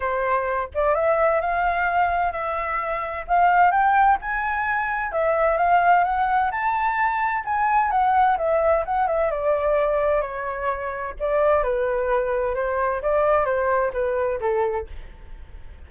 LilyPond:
\new Staff \with { instrumentName = "flute" } { \time 4/4 \tempo 4 = 129 c''4. d''8 e''4 f''4~ | f''4 e''2 f''4 | g''4 gis''2 e''4 | f''4 fis''4 a''2 |
gis''4 fis''4 e''4 fis''8 e''8 | d''2 cis''2 | d''4 b'2 c''4 | d''4 c''4 b'4 a'4 | }